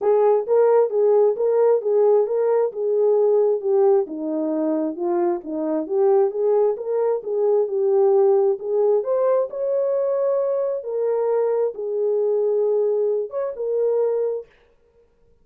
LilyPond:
\new Staff \with { instrumentName = "horn" } { \time 4/4 \tempo 4 = 133 gis'4 ais'4 gis'4 ais'4 | gis'4 ais'4 gis'2 | g'4 dis'2 f'4 | dis'4 g'4 gis'4 ais'4 |
gis'4 g'2 gis'4 | c''4 cis''2. | ais'2 gis'2~ | gis'4. cis''8 ais'2 | }